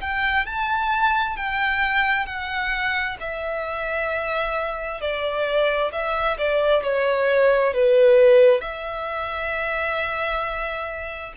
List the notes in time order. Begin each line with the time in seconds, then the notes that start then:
0.00 G5
0.45 A5
1.36 G5
2.26 F#5
3.20 E5
5.00 D5
5.91 E5
6.38 D5
6.83 C#5
7.73 B4
8.60 E5